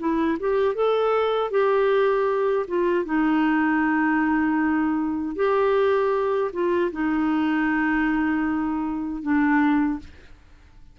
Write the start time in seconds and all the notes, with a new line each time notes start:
0.00 E4
0.40 G4
0.75 A4
1.51 G4
2.68 F4
3.06 D#4
5.36 G4
6.53 F4
6.92 D#4
9.23 D4